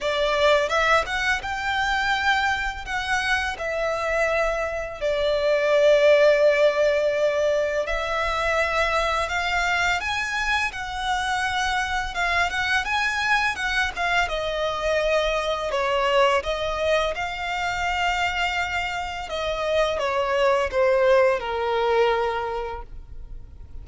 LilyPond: \new Staff \with { instrumentName = "violin" } { \time 4/4 \tempo 4 = 84 d''4 e''8 fis''8 g''2 | fis''4 e''2 d''4~ | d''2. e''4~ | e''4 f''4 gis''4 fis''4~ |
fis''4 f''8 fis''8 gis''4 fis''8 f''8 | dis''2 cis''4 dis''4 | f''2. dis''4 | cis''4 c''4 ais'2 | }